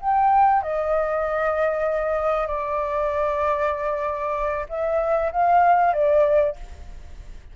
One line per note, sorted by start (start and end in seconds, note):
0.00 0.62 G5
0.62 2.47 D#5
2.47 4.66 D5
4.69 5.31 E5
5.32 5.93 F5
5.93 6.56 D5